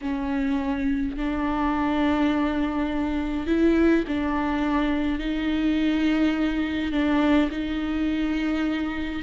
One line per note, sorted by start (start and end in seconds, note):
0.01 1.16 C#4
1.17 3.46 D4
3.46 4.04 E4
4.07 5.19 D4
5.19 6.92 D#4
6.92 7.49 D4
7.51 9.22 D#4